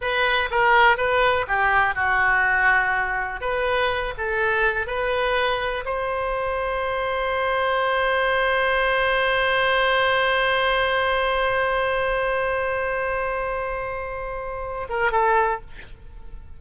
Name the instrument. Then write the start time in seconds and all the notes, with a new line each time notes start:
oboe
0.01 B4
0.50 A#4
0.97 B4
1.47 G4
1.94 F#4
3.41 B4
4.17 A4
4.86 B4
5.85 C5
14.89 A#4
15.11 A4